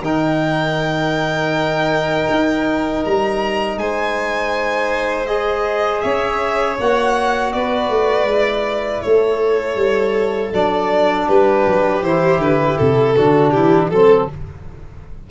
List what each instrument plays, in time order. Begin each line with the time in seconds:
0.00 tuba D#3, trombone D#4, violin A#4 G5
2.30 tuba D#4
3.05 tuba G3, violin A#5
3.77 tuba G#3, violin C5 G#5
5.26 trombone G#4, violin D#5
6.01 tuba C#4, violin C#5 E5
6.79 tuba A#3, trombone F#4, violin F#5
7.52 tuba B3, violin B4 D5
7.89 tuba A3
8.24 tuba G#3, trombone E4
9.01 tuba A3, violin A4 C#5
9.75 tuba G3
10.52 tuba F#3, trombone D4, violin D5
11.27 tuba G3, violin G4 B4
11.66 tuba F#3
12.02 tuba E3, trombone E4, violin C5
12.38 tuba D3, violin B4
12.78 tuba C3, violin A4
13.16 tuba D3, trombone D4, violin F#4
13.50 violin E4 G4
13.57 tuba E3
13.89 tuba F#3, trombone C4, violin A4